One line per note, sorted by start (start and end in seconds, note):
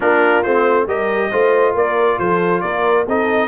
0.00 0.45 A#3
0.00 0.43 D4
0.00 0.86 F4
0.00 0.43 A#4
0.43 0.87 A3
0.43 0.87 C4
0.43 0.86 C5
0.87 1.30 G3
0.87 1.31 G4
0.87 1.31 A#4
0.87 1.75 D#5
1.31 1.74 A3
1.31 3.06 F4
1.31 1.74 C5
1.74 2.18 A#3
1.74 2.18 A#4
1.74 2.18 D5
2.18 2.62 F3
2.18 2.62 A4
2.18 2.60 C5
2.60 3.06 A#3
2.60 3.06 A#4
2.60 3.04 D5
3.06 3.48 C4
3.06 3.48 D#4
3.06 3.48 A4
3.06 3.48 D#5